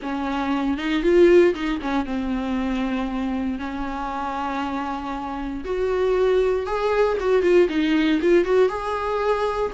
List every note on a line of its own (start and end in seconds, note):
0.02 0.77 C#4
0.77 1.03 D#4
1.03 1.54 F4
1.54 1.79 D#4
1.81 2.05 C#4
2.05 3.58 C4
3.58 5.63 C#4
5.64 6.66 F#4
6.66 7.17 G#4
7.19 7.42 F#4
7.42 7.68 F4
7.69 8.20 D#4
8.21 8.45 F4
8.45 8.69 F#4
8.69 9.71 G#4